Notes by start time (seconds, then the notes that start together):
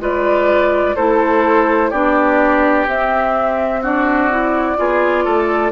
0.00 G#3 F4 B4 D5
0.96 A3 E4 A4 C5
1.90 B3 D4 G4 D5
2.86 C4 E5
3.82 D4 F#4 D5
4.31 E4
4.77 B3 F4 G#4
5.24 A3 A4